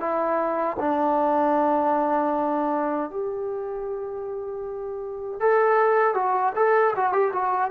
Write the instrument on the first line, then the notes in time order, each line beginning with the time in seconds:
trombone
0.00 E4
0.79 D4
3.10 G4
5.40 A4
6.14 F#4
6.56 A4
6.96 F#4
7.12 G4
7.33 F#4